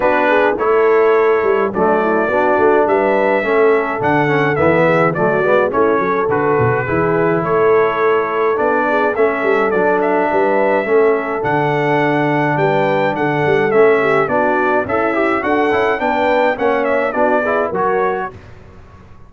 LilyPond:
<<
  \new Staff \with { instrumentName = "trumpet" } { \time 4/4 \tempo 4 = 105 b'4 cis''2 d''4~ | d''4 e''2 fis''4 | e''4 d''4 cis''4 b'4~ | b'4 cis''2 d''4 |
e''4 d''8 e''2~ e''8 | fis''2 g''4 fis''4 | e''4 d''4 e''4 fis''4 | g''4 fis''8 e''8 d''4 cis''4 | }
  \new Staff \with { instrumentName = "horn" } { \time 4/4 fis'8 gis'8 a'2 d'8 e'8 | fis'4 b'4 a'2~ | a'8 gis'8 fis'4 e'8 a'4. | gis'4 a'2~ a'8 gis'8 |
a'2 b'4 a'4~ | a'2 b'4 a'4~ | a'8 g'8 fis'4 e'4 a'4 | b'4 cis''4 fis'8 gis'8 ais'4 | }
  \new Staff \with { instrumentName = "trombone" } { \time 4/4 d'4 e'2 a4 | d'2 cis'4 d'8 cis'8 | b4 a8 b8 cis'4 fis'4 | e'2. d'4 |
cis'4 d'2 cis'4 | d'1 | cis'4 d'4 a'8 g'8 fis'8 e'8 | d'4 cis'4 d'8 e'8 fis'4 | }
  \new Staff \with { instrumentName = "tuba" } { \time 4/4 b4 a4. g8 fis4 | b8 a8 g4 a4 d4 | e4 fis8 gis8 a8 fis8 d8 b,8 | e4 a2 b4 |
a8 g8 fis4 g4 a4 | d2 g4 d8 g8 | a4 b4 cis'4 d'8 cis'8 | b4 ais4 b4 fis4 | }
>>